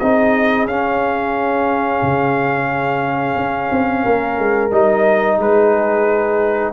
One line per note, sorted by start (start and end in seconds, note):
0.00 0.67 C4
0.00 0.69 D#4
0.00 4.03 G#4
0.00 0.67 D#5
0.67 2.01 C#4
0.67 4.72 C#4
0.67 4.73 F5
2.03 3.37 C#3
3.37 3.70 C#4
3.72 4.06 C4
4.03 4.39 A#3
4.03 5.37 A#4
4.39 4.72 G#3
4.72 5.39 G3
4.72 6.73 D#4
4.72 5.41 D#5
5.39 6.73 G#3
5.39 6.73 G#4
5.39 6.73 B4